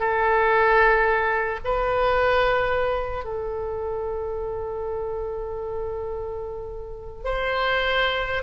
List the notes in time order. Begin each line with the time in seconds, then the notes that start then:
0.00 A4
1.65 B4
3.25 A4
7.25 C5